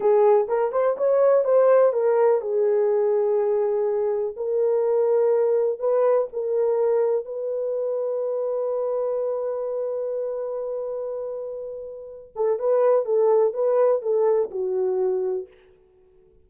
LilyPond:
\new Staff \with { instrumentName = "horn" } { \time 4/4 \tempo 4 = 124 gis'4 ais'8 c''8 cis''4 c''4 | ais'4 gis'2.~ | gis'4 ais'2. | b'4 ais'2 b'4~ |
b'1~ | b'1~ | b'4. a'8 b'4 a'4 | b'4 a'4 fis'2 | }